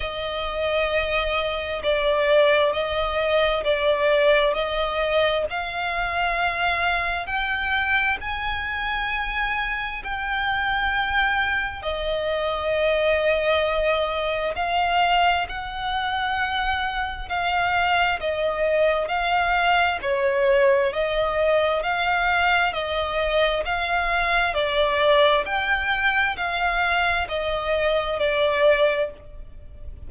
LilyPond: \new Staff \with { instrumentName = "violin" } { \time 4/4 \tempo 4 = 66 dis''2 d''4 dis''4 | d''4 dis''4 f''2 | g''4 gis''2 g''4~ | g''4 dis''2. |
f''4 fis''2 f''4 | dis''4 f''4 cis''4 dis''4 | f''4 dis''4 f''4 d''4 | g''4 f''4 dis''4 d''4 | }